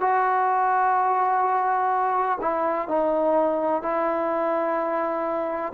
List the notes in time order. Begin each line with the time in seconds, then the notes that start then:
0.00 F#4
2.41 E4
2.88 D#4
3.82 E4